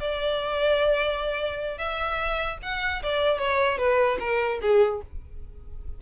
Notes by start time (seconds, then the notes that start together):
0.00 D5
1.78 E5
2.62 F#5
3.03 D5
3.38 C#5
3.78 B4
4.19 A#4
4.61 G#4